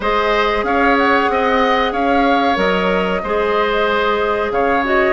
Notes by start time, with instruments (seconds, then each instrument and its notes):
0.00 bassoon G#3, clarinet G#4, oboe C5, flute D#5
0.63 bassoon C#4, oboe C#5, flute F5
0.97 flute F#5
1.29 bassoon C4, oboe D#5
1.92 bassoon C#4, oboe C#5, flute F5
2.56 bassoon F#3, clarinet A#4, flute D#5
3.23 bassoon G#3, clarinet G#4, oboe C5
4.51 bassoon C#3, oboe C#5, flute F5
4.83 clarinet F#4, flute D#5